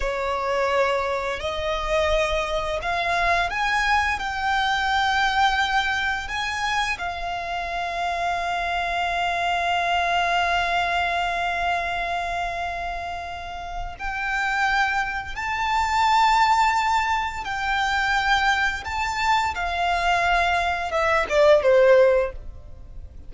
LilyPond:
\new Staff \with { instrumentName = "violin" } { \time 4/4 \tempo 4 = 86 cis''2 dis''2 | f''4 gis''4 g''2~ | g''4 gis''4 f''2~ | f''1~ |
f''1 | g''2 a''2~ | a''4 g''2 a''4 | f''2 e''8 d''8 c''4 | }